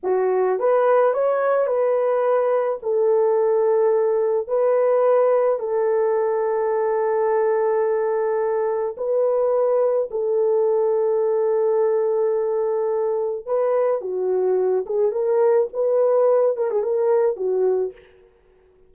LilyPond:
\new Staff \with { instrumentName = "horn" } { \time 4/4 \tempo 4 = 107 fis'4 b'4 cis''4 b'4~ | b'4 a'2. | b'2 a'2~ | a'1 |
b'2 a'2~ | a'1 | b'4 fis'4. gis'8 ais'4 | b'4. ais'16 gis'16 ais'4 fis'4 | }